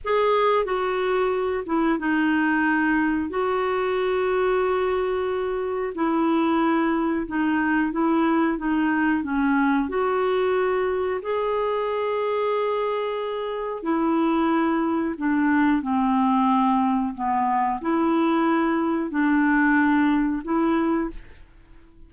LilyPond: \new Staff \with { instrumentName = "clarinet" } { \time 4/4 \tempo 4 = 91 gis'4 fis'4. e'8 dis'4~ | dis'4 fis'2.~ | fis'4 e'2 dis'4 | e'4 dis'4 cis'4 fis'4~ |
fis'4 gis'2.~ | gis'4 e'2 d'4 | c'2 b4 e'4~ | e'4 d'2 e'4 | }